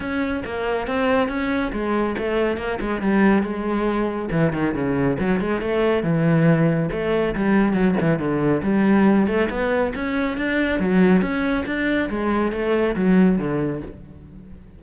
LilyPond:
\new Staff \with { instrumentName = "cello" } { \time 4/4 \tempo 4 = 139 cis'4 ais4 c'4 cis'4 | gis4 a4 ais8 gis8 g4 | gis2 e8 dis8 cis4 | fis8 gis8 a4 e2 |
a4 g4 fis8 e8 d4 | g4. a8 b4 cis'4 | d'4 fis4 cis'4 d'4 | gis4 a4 fis4 d4 | }